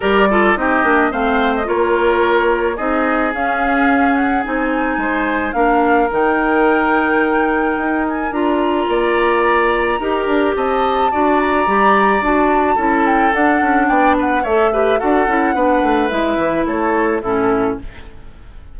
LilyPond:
<<
  \new Staff \with { instrumentName = "flute" } { \time 4/4 \tempo 4 = 108 d''4 dis''4 f''8. dis''16 cis''4~ | cis''4 dis''4 f''4. fis''8 | gis''2 f''4 g''4~ | g''2~ g''8 gis''8 ais''4~ |
ais''2. a''4~ | a''8 ais''4. a''4. g''8 | fis''4 g''8 fis''8 e''4 fis''4~ | fis''4 e''4 cis''4 a'4 | }
  \new Staff \with { instrumentName = "oboe" } { \time 4/4 ais'8 a'8 g'4 c''4 ais'4~ | ais'4 gis'2.~ | gis'4 c''4 ais'2~ | ais'1 |
d''2 ais'4 dis''4 | d''2. a'4~ | a'4 d''8 b'8 cis''8 b'8 a'4 | b'2 a'4 e'4 | }
  \new Staff \with { instrumentName = "clarinet" } { \time 4/4 g'8 f'8 dis'8 d'8 c'4 f'4~ | f'4 dis'4 cis'2 | dis'2 d'4 dis'4~ | dis'2. f'4~ |
f'2 g'2 | fis'4 g'4 fis'4 e'4 | d'2 a'8 g'8 fis'8 e'8 | d'4 e'2 cis'4 | }
  \new Staff \with { instrumentName = "bassoon" } { \time 4/4 g4 c'8 ais8 a4 ais4~ | ais4 c'4 cis'2 | c'4 gis4 ais4 dis4~ | dis2 dis'4 d'4 |
ais2 dis'8 d'8 c'4 | d'4 g4 d'4 cis'4 | d'8 cis'8 b4 a4 d'8 cis'8 | b8 a8 gis8 e8 a4 a,4 | }
>>